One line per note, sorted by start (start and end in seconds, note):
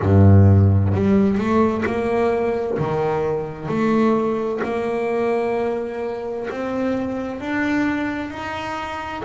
0.02 0.94 G2
0.94 1.38 G3
1.38 1.84 A3
1.85 2.77 A#3
2.78 3.68 D#3
3.68 4.60 A3
4.63 6.48 A#3
6.50 7.40 C4
7.40 8.30 D4
8.30 9.22 D#4